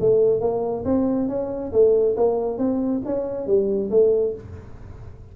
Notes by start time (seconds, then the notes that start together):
0.00 A3
0.41 A#3
0.85 C4
1.28 C#4
1.72 A3
2.16 A#3
2.58 C4
3.05 C#4
3.47 G3
3.90 A3